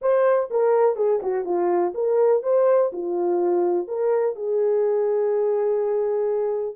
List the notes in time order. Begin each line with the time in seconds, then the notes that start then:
0.01 C5
0.50 A#4
0.96 G#4
1.22 F#4
1.44 F4
1.94 A#4
2.42 C5
2.92 F4
3.87 A#4
4.35 G#4